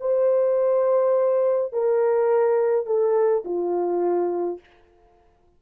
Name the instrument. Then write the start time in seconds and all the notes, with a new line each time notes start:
horn
0.00 C5
1.72 A#4
2.86 A4
3.44 F4